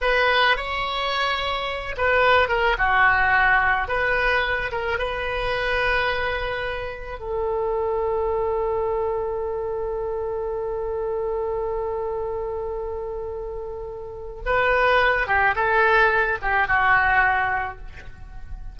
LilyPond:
\new Staff \with { instrumentName = "oboe" } { \time 4/4 \tempo 4 = 108 b'4 cis''2~ cis''8 b'8~ | b'8 ais'8 fis'2 b'4~ | b'8 ais'8 b'2.~ | b'4 a'2.~ |
a'1~ | a'1~ | a'2 b'4. g'8 | a'4. g'8 fis'2 | }